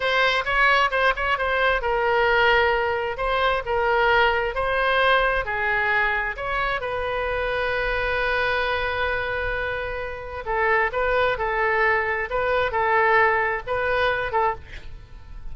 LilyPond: \new Staff \with { instrumentName = "oboe" } { \time 4/4 \tempo 4 = 132 c''4 cis''4 c''8 cis''8 c''4 | ais'2. c''4 | ais'2 c''2 | gis'2 cis''4 b'4~ |
b'1~ | b'2. a'4 | b'4 a'2 b'4 | a'2 b'4. a'8 | }